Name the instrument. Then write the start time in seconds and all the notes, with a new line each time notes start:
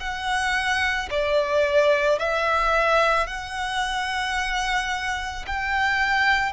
violin
0.00 F#5
1.11 D5
2.19 E5
3.27 F#5
5.47 G5